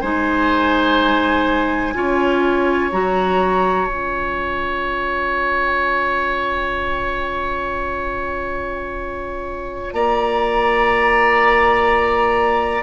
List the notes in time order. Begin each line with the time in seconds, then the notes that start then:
0.00 G#3 D#4 C5 G#5
1.94 C#4 F4 C#5
2.91 F#3 F#4 A#5
3.87 C#4 F4 G#5
9.92 A#3 D5 A#5